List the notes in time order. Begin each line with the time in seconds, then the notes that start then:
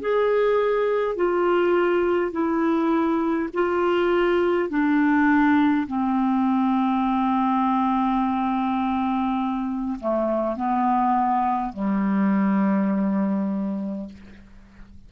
0.00 G#4
1.15 F4
2.31 E4
3.53 F4
4.69 D4
5.87 C4
9.99 A3
10.56 B3
11.73 G3